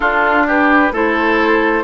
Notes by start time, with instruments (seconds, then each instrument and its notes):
0.00 clarinet D4, bassoon D4, oboe F4, flute A4
0.46 oboe G4, flute B4
0.92 bassoon A3, clarinet E4, oboe A4, flute C5